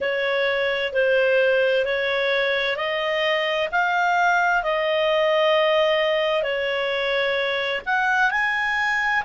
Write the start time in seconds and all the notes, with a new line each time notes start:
0.00 C#5
0.92 C5
1.85 C#5
2.76 D#5
3.71 F5
4.63 D#5
6.42 C#5
7.85 F#5
8.31 G#5